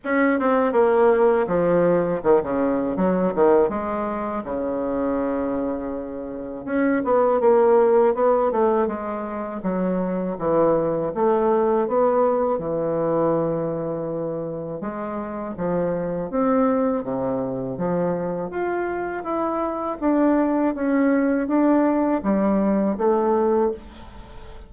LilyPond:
\new Staff \with { instrumentName = "bassoon" } { \time 4/4 \tempo 4 = 81 cis'8 c'8 ais4 f4 dis16 cis8. | fis8 dis8 gis4 cis2~ | cis4 cis'8 b8 ais4 b8 a8 | gis4 fis4 e4 a4 |
b4 e2. | gis4 f4 c'4 c4 | f4 f'4 e'4 d'4 | cis'4 d'4 g4 a4 | }